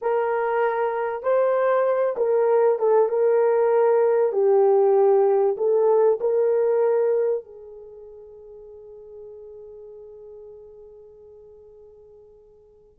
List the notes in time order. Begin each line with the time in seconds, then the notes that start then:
0.01 A#4
1.22 C5
2.16 A#4
2.78 A4
3.08 A#4
4.32 G4
5.57 A4
6.20 A#4
7.44 G#4